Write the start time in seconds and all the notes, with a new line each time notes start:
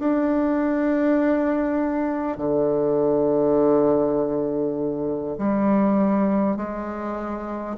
0.00 D4
2.38 D3
5.38 G3
6.57 G#3